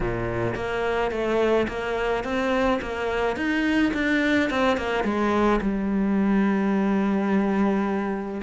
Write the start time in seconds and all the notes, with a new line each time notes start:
0.00 A#2
0.55 A#3
1.11 A3
1.68 A#3
2.24 C4
2.81 A#3
3.36 D#4
3.93 D4
4.50 C4
4.77 A#3
5.04 G#3
5.61 G3